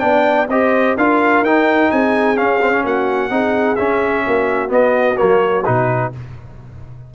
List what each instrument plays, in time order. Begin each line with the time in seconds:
0.00 tuba B3, trombone D4, horn D5, trumpet G5
0.49 tuba C4, trombone G4, horn C5, trumpet D#5
0.97 tuba D4, trombone F4, horn A#4, trumpet F5
1.42 tuba D#4, trombone D#4, trumpet G5
1.92 tuba C4, horn G#4, trumpet G#5
2.37 trombone C#4, tuba C#4, trumpet F5
2.62 trombone C4
2.72 trombone C#4
2.84 tuba A#3, horn F#4, trumpet F#5
3.30 tuba C4, trombone D#4, horn G#4
3.76 trombone C#4, tuba C#4, trumpet E5
4.26 tuba A#3, horn F#4
4.69 trombone B3, tuba B3, trumpet D#5
5.17 tuba F#3, trombone A#3, trumpet C#5
5.65 tuba B2, trombone D#4, trumpet B4